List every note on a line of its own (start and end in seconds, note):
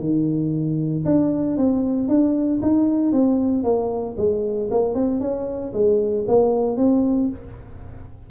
0.00 1.04 D#3
1.06 1.58 D4
1.58 2.09 C4
2.09 2.61 D4
2.63 3.13 D#4
3.13 3.64 C4
3.64 4.16 A#3
4.18 4.70 G#3
4.71 4.95 A#3
4.95 5.21 C4
5.21 5.73 C#4
5.74 6.26 G#3
6.28 6.77 A#3
6.77 7.29 C4